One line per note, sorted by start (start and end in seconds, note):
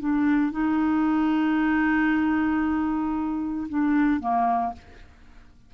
0.00 0.52 D4
0.52 3.68 D#4
3.69 4.20 D4
4.20 4.73 A#3